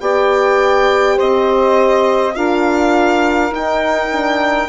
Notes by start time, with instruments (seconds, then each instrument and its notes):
0.00 bassoon B3, horn G4, saxophone D5, violin G5
1.16 bassoon C4, saxophone C5, violin D#5
2.35 bassoon D4, horn F4, saxophone A#4, violin F5
3.50 bassoon D#4, horn D#4, violin G5
4.12 horn D4